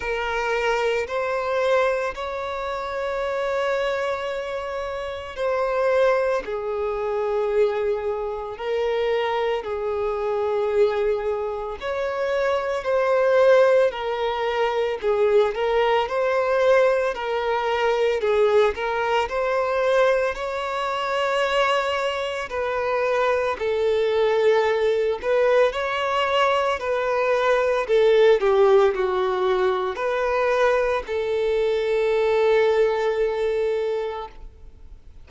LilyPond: \new Staff \with { instrumentName = "violin" } { \time 4/4 \tempo 4 = 56 ais'4 c''4 cis''2~ | cis''4 c''4 gis'2 | ais'4 gis'2 cis''4 | c''4 ais'4 gis'8 ais'8 c''4 |
ais'4 gis'8 ais'8 c''4 cis''4~ | cis''4 b'4 a'4. b'8 | cis''4 b'4 a'8 g'8 fis'4 | b'4 a'2. | }